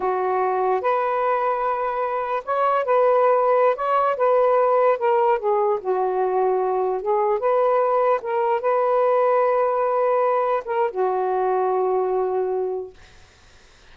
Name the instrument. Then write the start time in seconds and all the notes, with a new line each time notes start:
saxophone
0.00 F#4
0.81 B4
2.44 C#5
2.85 B4
3.75 C#5
4.16 B4
4.98 A#4
5.38 G#4
5.80 F#4
7.01 G#4
7.39 B4
8.21 A#4
8.61 B4
10.65 A#4
10.91 F#4